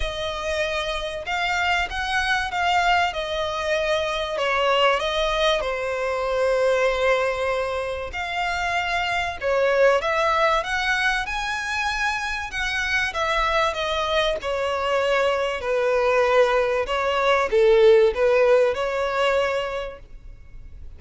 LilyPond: \new Staff \with { instrumentName = "violin" } { \time 4/4 \tempo 4 = 96 dis''2 f''4 fis''4 | f''4 dis''2 cis''4 | dis''4 c''2.~ | c''4 f''2 cis''4 |
e''4 fis''4 gis''2 | fis''4 e''4 dis''4 cis''4~ | cis''4 b'2 cis''4 | a'4 b'4 cis''2 | }